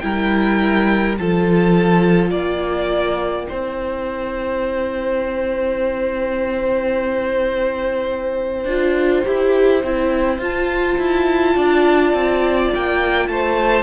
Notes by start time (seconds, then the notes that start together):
0.00 G3 E4 A#4 G5
1.18 F3 F4 A4 A5
2.30 A#3 D5 G5
3.48 C4 E4 C5
8.65 D4 F4
9.25 E4 G4
9.84 C4 E4
10.38 F4 A5
10.98 E4
11.55 D4 D5
12.13 C4
12.75 A#3 G5
13.28 A3 C5 A5